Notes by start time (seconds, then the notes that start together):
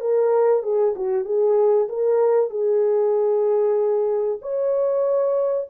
0.00 A#4
0.63 G#4
0.95 F#4
1.25 G#4
1.89 A#4
2.50 G#4
4.41 C#5